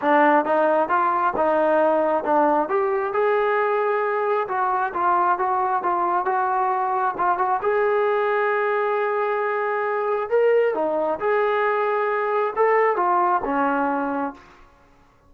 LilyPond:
\new Staff \with { instrumentName = "trombone" } { \time 4/4 \tempo 4 = 134 d'4 dis'4 f'4 dis'4~ | dis'4 d'4 g'4 gis'4~ | gis'2 fis'4 f'4 | fis'4 f'4 fis'2 |
f'8 fis'8 gis'2.~ | gis'2. ais'4 | dis'4 gis'2. | a'4 f'4 cis'2 | }